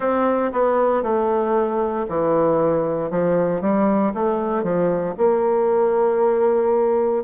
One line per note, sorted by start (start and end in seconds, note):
0.00 0.51 C4
0.52 1.03 B3
1.03 2.06 A3
2.08 3.10 E3
3.10 3.61 F3
3.61 4.12 G3
4.14 4.63 A3
4.63 5.14 F3
5.17 7.24 A#3